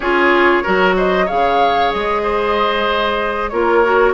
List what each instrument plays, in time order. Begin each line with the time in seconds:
0.00 bassoon C#4, clarinet F4, oboe G#4, flute C#5
0.63 bassoon F#3, clarinet F#4, oboe A#4
0.96 oboe C5, flute D#5
1.25 bassoon C#3, clarinet G#4, oboe C#5, flute F5
1.91 bassoon G#3, flute D#5
2.22 oboe C5
3.49 bassoon A#3, clarinet F4, oboe A#4, flute C#5
3.84 clarinet F#4